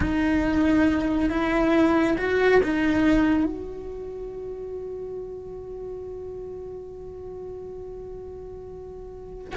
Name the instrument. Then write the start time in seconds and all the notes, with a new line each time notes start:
cello
0.00 D#4
1.29 E4
2.17 F#4
2.63 D#4
3.45 F#4